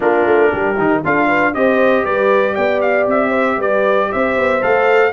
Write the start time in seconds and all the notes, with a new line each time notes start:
0.00 A#3 D4 F4 A#4
0.25 A3
0.50 G3 G4
0.77 D#3 D#4
1.04 D4 F4 A4 F5
1.27 B4
1.54 C4 G4 C5 D#5
2.04 G3 B4 D5
2.53 B3 D5 G5
2.81 F5
3.07 C4 E5
3.29 C5
3.57 G3 B4 D5
4.11 C4 C5 E5
4.36 B3
4.60 A3 A4 F5